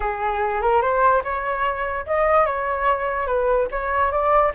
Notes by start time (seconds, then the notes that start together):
0.00 G#4
0.61 A#4
0.81 C5
1.23 C#5
2.06 D#5
2.46 C#5
3.26 B4
3.71 C#5
4.11 D5